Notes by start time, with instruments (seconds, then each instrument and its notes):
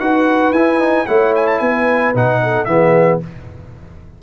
0.00 tuba D#4, trombone F#4, horn B4, trumpet F#5
0.52 tuba E4, trombone E4, trumpet G#5
0.79 trombone D#4
1.06 tuba A3, trombone E4, horn C#5, trumpet F#5
1.35 trumpet G#5
1.47 trumpet A5
1.59 tuba B3, horn B4, trumpet G#5
2.15 tuba B2, trombone D#4, trumpet F#5
2.43 horn A4
2.65 tuba E3, trombone B3, horn G#4, trumpet E5